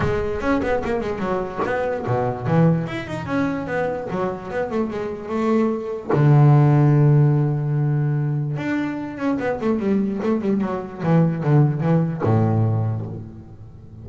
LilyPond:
\new Staff \with { instrumentName = "double bass" } { \time 4/4 \tempo 4 = 147 gis4 cis'8 b8 ais8 gis8 fis4 | b4 b,4 e4 e'8 dis'8 | cis'4 b4 fis4 b8 a8 | gis4 a2 d4~ |
d1~ | d4 d'4. cis'8 b8 a8 | g4 a8 g8 fis4 e4 | d4 e4 a,2 | }